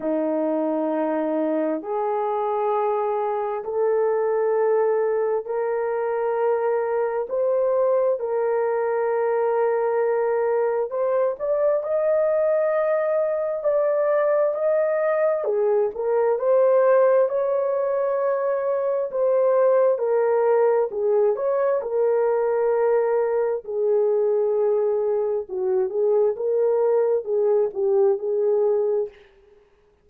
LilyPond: \new Staff \with { instrumentName = "horn" } { \time 4/4 \tempo 4 = 66 dis'2 gis'2 | a'2 ais'2 | c''4 ais'2. | c''8 d''8 dis''2 d''4 |
dis''4 gis'8 ais'8 c''4 cis''4~ | cis''4 c''4 ais'4 gis'8 cis''8 | ais'2 gis'2 | fis'8 gis'8 ais'4 gis'8 g'8 gis'4 | }